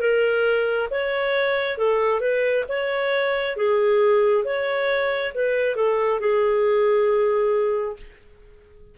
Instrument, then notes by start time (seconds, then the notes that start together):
clarinet
0.00 A#4
0.90 C#5
1.78 A4
2.20 B4
2.68 C#5
3.56 G#4
4.44 C#5
5.34 B4
5.76 A4
6.20 G#4